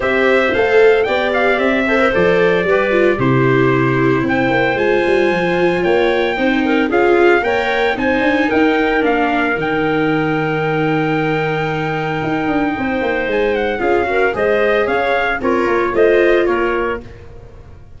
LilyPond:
<<
  \new Staff \with { instrumentName = "trumpet" } { \time 4/4 \tempo 4 = 113 e''4 f''4 g''8 f''8 e''4 | d''2 c''2 | g''4 gis''2 g''4~ | g''4 f''4 g''4 gis''4 |
g''4 f''4 g''2~ | g''1~ | g''4 gis''8 fis''8 f''4 dis''4 | f''4 cis''4 dis''4 cis''4 | }
  \new Staff \with { instrumentName = "clarinet" } { \time 4/4 c''2 d''4. c''8~ | c''4 b'4 g'2 | c''2. cis''4 | c''8 ais'8 gis'4 cis''4 c''4 |
ais'1~ | ais'1 | c''2 gis'8 ais'8 c''4 | cis''4 f'4 c''4 ais'4 | }
  \new Staff \with { instrumentName = "viola" } { \time 4/4 g'4 a'4 g'4. a'16 ais'16 | a'4 g'8 f'8 e'2~ | e'4 f'2. | dis'4 f'4 ais'4 dis'4~ |
dis'4 d'4 dis'2~ | dis'1~ | dis'2 f'8 fis'8 gis'4~ | gis'4 ais'4 f'2 | }
  \new Staff \with { instrumentName = "tuba" } { \time 4/4 c'4 a4 b4 c'4 | f4 g4 c2 | c'8 ais8 gis8 g8 f4 ais4 | c'4 cis'4 ais4 c'8 d'8 |
dis'4 ais4 dis2~ | dis2. dis'8 d'8 | c'8 ais8 gis4 cis'4 gis4 | cis'4 c'8 ais8 a4 ais4 | }
>>